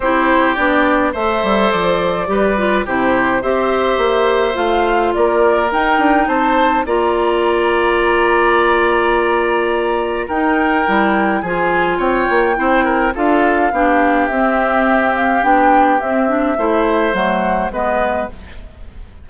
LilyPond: <<
  \new Staff \with { instrumentName = "flute" } { \time 4/4 \tempo 4 = 105 c''4 d''4 e''4 d''4~ | d''4 c''4 e''2 | f''4 d''4 g''4 a''4 | ais''1~ |
ais''2 g''2 | gis''4 g''2 f''4~ | f''4 e''4. f''8 g''4 | e''2 fis''4 dis''4 | }
  \new Staff \with { instrumentName = "oboe" } { \time 4/4 g'2 c''2 | b'4 g'4 c''2~ | c''4 ais'2 c''4 | d''1~ |
d''2 ais'2 | gis'4 cis''4 c''8 ais'8 a'4 | g'1~ | g'4 c''2 b'4 | }
  \new Staff \with { instrumentName = "clarinet" } { \time 4/4 e'4 d'4 a'2 | g'8 f'8 e'4 g'2 | f'2 dis'2 | f'1~ |
f'2 dis'4 e'4 | f'2 e'4 f'4 | d'4 c'2 d'4 | c'8 d'8 e'4 a4 b4 | }
  \new Staff \with { instrumentName = "bassoon" } { \time 4/4 c'4 b4 a8 g8 f4 | g4 c4 c'4 ais4 | a4 ais4 dis'8 d'8 c'4 | ais1~ |
ais2 dis'4 g4 | f4 c'8 ais8 c'4 d'4 | b4 c'2 b4 | c'4 a4 fis4 gis4 | }
>>